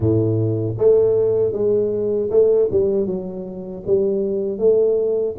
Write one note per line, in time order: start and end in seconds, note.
0.00 0.75 A2
0.77 1.52 A3
1.52 2.29 G#3
2.30 2.68 A3
2.71 3.06 G3
3.06 3.83 F#3
3.86 4.58 G3
4.58 5.35 A3